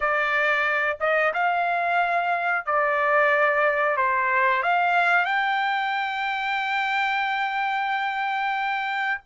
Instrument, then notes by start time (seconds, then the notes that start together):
trumpet
0.00 D5
1.00 D#5
1.33 F5
2.65 D5
3.96 C5
4.62 F5
5.25 G5